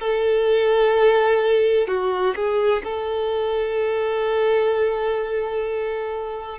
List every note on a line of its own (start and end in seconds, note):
0.00 1.87 A4
1.87 2.34 F#4
2.36 2.83 G#4
2.84 6.58 A4